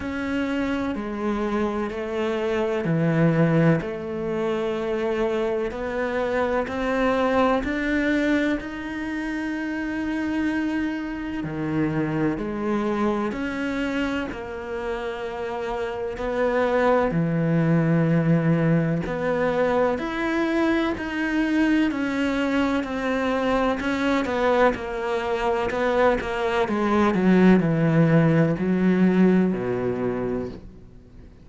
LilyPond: \new Staff \with { instrumentName = "cello" } { \time 4/4 \tempo 4 = 63 cis'4 gis4 a4 e4 | a2 b4 c'4 | d'4 dis'2. | dis4 gis4 cis'4 ais4~ |
ais4 b4 e2 | b4 e'4 dis'4 cis'4 | c'4 cis'8 b8 ais4 b8 ais8 | gis8 fis8 e4 fis4 b,4 | }